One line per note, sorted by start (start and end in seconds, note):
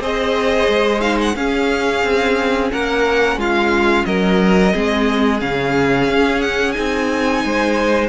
0.00 0.67 C4
0.00 1.00 G#4
0.00 1.36 C5
0.00 1.01 D#5
0.68 1.35 G#3
1.00 1.34 D#4
1.00 1.18 F5
1.21 1.35 F#5
1.35 2.03 C#4
1.35 4.73 C#4
1.35 2.72 G#4
1.35 2.70 F5
2.04 2.71 C4
2.72 3.36 A#3
2.72 3.39 A#4
2.72 3.39 F#5
3.36 4.04 G#3
3.36 4.06 F4
3.36 4.05 F5
4.05 4.73 F#3
4.05 4.73 A#4
4.05 5.40 D#5
4.73 5.41 G#3
4.73 5.40 C4
4.73 7.43 G#4
5.40 6.09 C#3
5.40 6.74 C#4
5.40 6.41 F5
6.09 6.76 C#4
6.41 6.72 F#5
6.72 7.44 C4
6.72 8.09 D#4
6.72 8.07 G#5
7.44 8.09 G#3
7.44 8.09 C5